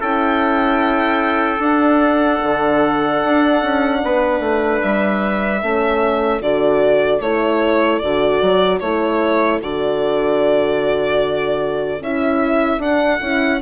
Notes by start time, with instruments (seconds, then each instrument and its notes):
0.00 bassoon C#4, horn E4, trumpet A4, violin G5
1.59 bassoon D4, horn D4, violin F#5
2.43 bassoon D3
3.24 bassoon D4
3.62 bassoon C#4
4.04 bassoon B3, trumpet B4
4.39 bassoon A3
4.82 bassoon G3, violin E5
5.62 bassoon A3, horn C#4, trumpet A4
6.41 bassoon D3, horn F#4, violin D5
7.20 bassoon A3, horn E4, violin C#5
7.99 bassoon D3, horn F#4, violin D5
8.41 bassoon F#3
8.79 bassoon A3, horn E4, violin C#5
9.61 bassoon D3, horn F#4, violin D5
12.00 bassoon C#4, horn E4, violin E5
12.78 bassoon D4, horn D4, violin F#5
13.21 bassoon C#4, horn E4